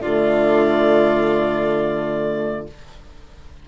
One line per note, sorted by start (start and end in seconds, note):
0.00 2.68 D3
0.00 2.65 A3
0.00 2.67 F4
0.00 2.67 D5